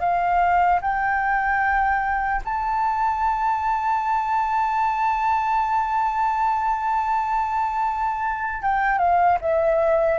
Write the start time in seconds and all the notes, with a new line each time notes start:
0.00 F5
0.82 G5
2.45 A5
8.63 G5
8.99 F5
9.41 E5